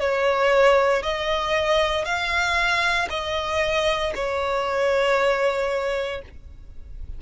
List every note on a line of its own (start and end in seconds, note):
0.00 1.03 C#5
1.03 2.05 D#5
2.05 3.08 F5
3.09 4.13 D#5
4.15 6.22 C#5